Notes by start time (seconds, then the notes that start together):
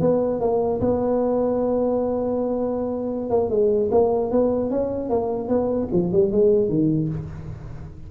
0.00 B3
0.40 A#3
0.81 B3
3.30 A#3
3.49 G#3
3.91 A#3
4.31 B3
4.70 C#4
5.09 A#3
5.48 B3
5.92 F3
6.12 G3
6.31 G#3
6.69 D#3